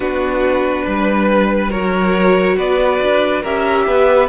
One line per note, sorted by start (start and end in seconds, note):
0.00 0.84 B3
0.00 1.70 D4
0.00 0.84 F#4
0.00 1.71 B4
0.84 1.73 G3
0.84 1.70 B4
1.70 2.57 F#3
1.70 3.41 F#4
1.70 2.56 A#4
1.70 2.57 C#5
2.57 2.99 B3
2.57 3.41 B4
2.57 3.44 D5
3.01 3.44 D4
3.41 3.87 C#4
3.41 4.28 G4
3.41 3.84 A#4
3.41 4.28 E5
3.86 4.28 B3
3.86 4.28 B4